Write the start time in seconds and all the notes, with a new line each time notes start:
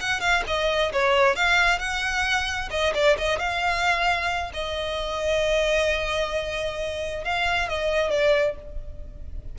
0.00 F#5
0.21 F5
0.47 D#5
0.92 C#5
1.36 F5
1.79 F#5
2.70 D#5
2.94 D5
3.18 D#5
3.39 F5
4.54 D#5
7.24 F5
7.69 D#5
8.11 D5